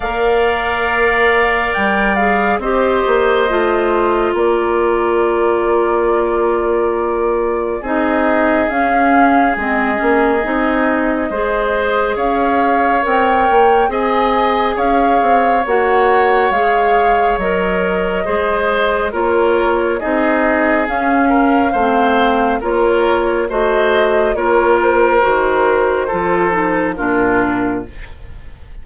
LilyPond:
<<
  \new Staff \with { instrumentName = "flute" } { \time 4/4 \tempo 4 = 69 f''2 g''8 f''8 dis''4~ | dis''4 d''2.~ | d''4 dis''4 f''4 dis''4~ | dis''2 f''4 g''4 |
gis''4 f''4 fis''4 f''4 | dis''2 cis''4 dis''4 | f''2 cis''4 dis''4 | cis''8 c''2~ c''8 ais'4 | }
  \new Staff \with { instrumentName = "oboe" } { \time 4/4 d''2. c''4~ | c''4 ais'2.~ | ais'4 gis'2.~ | gis'4 c''4 cis''2 |
dis''4 cis''2.~ | cis''4 c''4 ais'4 gis'4~ | gis'8 ais'8 c''4 ais'4 c''4 | ais'2 a'4 f'4 | }
  \new Staff \with { instrumentName = "clarinet" } { \time 4/4 ais'2~ ais'8 gis'8 g'4 | f'1~ | f'4 dis'4 cis'4 c'8 cis'8 | dis'4 gis'2 ais'4 |
gis'2 fis'4 gis'4 | ais'4 gis'4 f'4 dis'4 | cis'4 c'4 f'4 fis'4 | f'4 fis'4 f'8 dis'8 d'4 | }
  \new Staff \with { instrumentName = "bassoon" } { \time 4/4 ais2 g4 c'8 ais8 | a4 ais2.~ | ais4 c'4 cis'4 gis8 ais8 | c'4 gis4 cis'4 c'8 ais8 |
c'4 cis'8 c'8 ais4 gis4 | fis4 gis4 ais4 c'4 | cis'4 a4 ais4 a4 | ais4 dis4 f4 ais,4 | }
>>